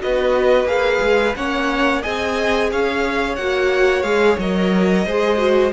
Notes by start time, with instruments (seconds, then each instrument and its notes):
0.00 cello B3, viola F#4, violin B4 D#5
0.66 cello A#3, viola G#4, violin F5
1.02 cello G#3
1.36 cello A#3, viola C#4, violin C#5 F#5
2.02 cello C4, viola G#4, violin D#5 G#5
2.72 cello C#4, violin C#5 F5
3.36 cello A#3, viola F#4, violin F#5
4.03 cello G#3, viola G#4, violin F5
4.38 cello F#3, viola A#4, violin D#5
5.06 cello G#3, viola G#4, violin C5
5.38 viola F#4